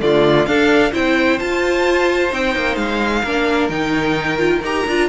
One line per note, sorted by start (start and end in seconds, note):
0.00 0.46 D3
0.00 0.46 A3
0.00 0.48 F4
0.00 0.46 D5
0.46 0.92 D4
0.46 0.91 A4
0.46 0.92 F5
0.91 1.40 C4
0.91 1.39 E4
0.91 3.22 C5
0.91 1.39 G5
1.39 2.31 F4
1.39 2.32 F4
1.39 2.31 A5
2.31 2.55 C4
2.31 3.23 D#4
2.31 2.76 G5
2.55 2.76 A#3
2.76 3.22 G#3
2.76 3.68 F5
3.23 3.69 A#3
3.23 3.71 D4
3.23 5.08 A#4
3.69 4.61 D#3
3.69 4.37 D#4
3.69 4.61 G5
4.37 4.61 F4
4.61 4.84 D#4
4.61 4.88 G4
4.61 5.09 A#5
4.87 5.09 D4
4.87 5.09 F4